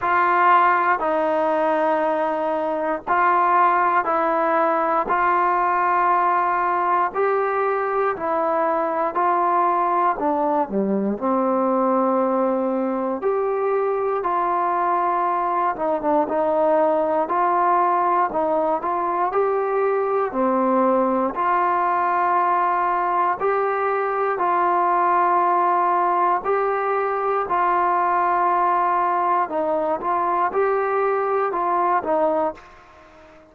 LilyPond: \new Staff \with { instrumentName = "trombone" } { \time 4/4 \tempo 4 = 59 f'4 dis'2 f'4 | e'4 f'2 g'4 | e'4 f'4 d'8 g8 c'4~ | c'4 g'4 f'4. dis'16 d'16 |
dis'4 f'4 dis'8 f'8 g'4 | c'4 f'2 g'4 | f'2 g'4 f'4~ | f'4 dis'8 f'8 g'4 f'8 dis'8 | }